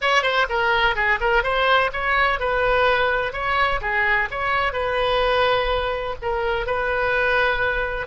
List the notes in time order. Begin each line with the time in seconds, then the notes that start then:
0.01 C#5
0.22 C5
0.49 A#4
0.95 G#4
1.20 A#4
1.43 C5
1.92 C#5
2.39 B4
3.32 C#5
3.81 G#4
4.31 C#5
4.73 B4
6.21 A#4
6.66 B4